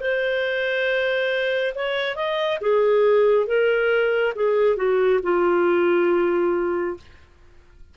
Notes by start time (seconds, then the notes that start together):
0.00 C5
1.75 C#5
2.15 D#5
2.60 G#4
3.47 A#4
4.35 G#4
4.76 F#4
5.23 F4